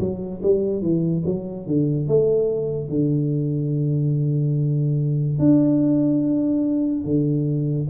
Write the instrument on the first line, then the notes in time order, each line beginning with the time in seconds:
tuba
0.00 F#3
0.43 G3
0.82 E3
1.26 F#3
1.67 D3
2.08 A3
2.89 D3
5.39 D4
7.05 D3